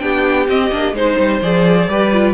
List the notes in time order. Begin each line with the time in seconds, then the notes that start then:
0.00 B3 D4 G4 G5
0.49 C4 D#5
0.72 A#3 D4
0.93 G#3 D#4 C5
1.18 G3
1.42 F3 G#4 D5
1.88 G3 G4 B4
2.13 F4